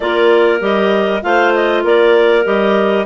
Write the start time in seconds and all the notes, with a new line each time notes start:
0.00 A#3 F4 A#4 D5
0.59 G3 G4 D#5
1.22 A3 F4 C5 F5
1.54 D#5
1.83 A#3 A#4 D5
2.43 G3 G4 D#5